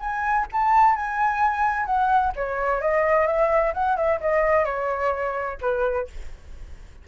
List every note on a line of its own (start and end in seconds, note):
0.00 0.47 G#5
0.52 0.96 A5
0.96 1.86 G#5
1.86 2.33 F#5
2.36 2.81 C#5
2.81 3.27 D#5
3.27 3.73 E5
3.74 3.97 F#5
3.97 4.20 E5
4.21 4.65 D#5
4.65 5.58 C#5
5.61 6.08 B4